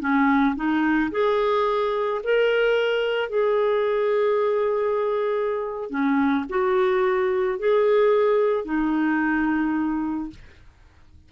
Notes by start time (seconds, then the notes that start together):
0.00 C#4
0.56 D#4
1.11 G#4
2.23 A#4
3.29 G#4
5.90 C#4
6.49 F#4
7.59 G#4
8.65 D#4